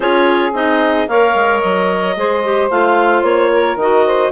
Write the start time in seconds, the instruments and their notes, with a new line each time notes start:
0.00 bassoon C#4, clarinet F4 C#5, saxophone G#4
0.53 bassoon C4, clarinet D#4 D#5
1.08 bassoon A#3, clarinet A#4 F5, saxophone C#5
1.34 bassoon G#3
1.60 bassoon F#3, clarinet D#5
2.16 bassoon G#3, clarinet G#4, saxophone C5
2.44 clarinet G4
2.70 bassoon A3, clarinet F4 F5
3.22 bassoon A#3, clarinet C#5
3.52 saxophone A#4
3.75 bassoon D#3, clarinet F#4 D#5
4.05 saxophone C5